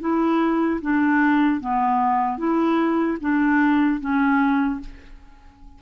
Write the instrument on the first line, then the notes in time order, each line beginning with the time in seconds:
clarinet
0.00 E4
0.81 D4
1.60 B3
2.38 E4
3.20 D4
4.00 C#4